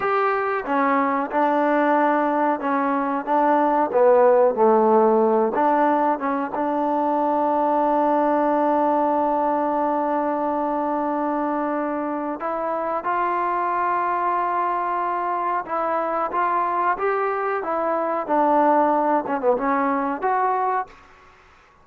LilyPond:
\new Staff \with { instrumentName = "trombone" } { \time 4/4 \tempo 4 = 92 g'4 cis'4 d'2 | cis'4 d'4 b4 a4~ | a8 d'4 cis'8 d'2~ | d'1~ |
d'2. e'4 | f'1 | e'4 f'4 g'4 e'4 | d'4. cis'16 b16 cis'4 fis'4 | }